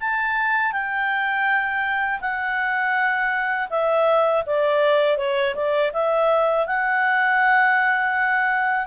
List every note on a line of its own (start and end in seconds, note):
0.00 0.72 A5
0.72 2.20 G5
2.21 3.69 F#5
3.70 4.44 E5
4.46 5.18 D5
5.18 5.55 C#5
5.55 5.92 D5
5.93 6.67 E5
6.67 8.87 F#5